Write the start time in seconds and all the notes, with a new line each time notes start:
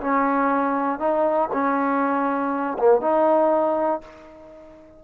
0.00 C#4
0.99 D#4
1.52 C#4
2.78 A#3
3.01 D#4